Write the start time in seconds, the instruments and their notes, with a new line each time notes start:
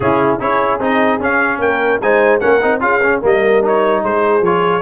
0.00 tuba C#3, trombone C#4, horn E4, trumpet G#4
0.39 tuba C#4, trombone E4, horn G#4, trumpet C#5
0.78 tuba C4, trombone D#4, trumpet D#5
1.20 tuba C#4, trombone C#4, trumpet F5
1.58 tuba A#3, horn A#4, trumpet G5
2.01 tuba G#3, trombone D#4, horn C5, trumpet G#5
2.40 tuba A#3, trombone C#4, horn A#4, trumpet F#5
2.62 tuba C4, trombone D#4
2.80 tuba C#4, trombone F4, horn G#4, trumpet F5
3.03 trombone C#4
3.21 tuba G3, trombone A#3, horn A#4, trumpet D#5
3.61 trombone D#4, trumpet C#5
4.03 tuba G#3, horn G#4, trumpet C5
4.41 tuba F3, trombone F4, trumpet C#5